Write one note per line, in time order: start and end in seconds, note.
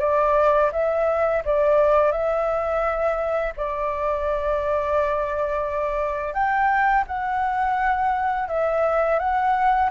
0.00 0.71 D5
0.73 1.43 E5
1.45 2.12 D5
2.12 3.53 E5
3.57 6.34 D5
6.34 7.04 G5
7.07 8.48 F#5
8.48 9.19 E5
9.19 9.90 F#5